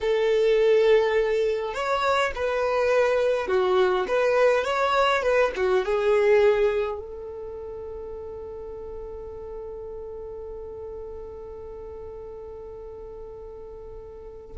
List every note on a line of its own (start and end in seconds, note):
0.01 1.73 A4
1.73 2.32 C#5
2.35 3.47 B4
3.47 4.05 F#4
4.08 4.64 B4
4.64 5.22 C#5
5.22 5.51 B4
5.56 5.85 F#4
5.85 6.99 G#4
6.99 14.56 A4